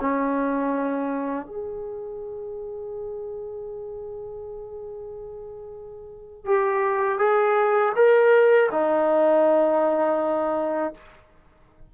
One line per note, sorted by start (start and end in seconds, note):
0.00 1.46 C#4
1.46 6.45 G#4
6.45 7.18 G4
7.18 7.92 G#4
7.95 8.69 A#4
8.71 10.94 D#4